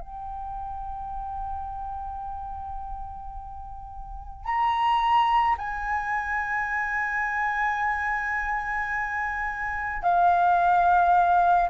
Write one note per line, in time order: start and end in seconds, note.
0.00 4.44 G5
4.44 5.56 A#5
5.58 10.02 G#5
10.02 11.69 F5